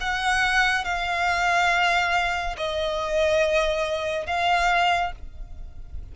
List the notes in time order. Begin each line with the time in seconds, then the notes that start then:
0.00 F#5
0.85 F5
2.57 D#5
4.26 F5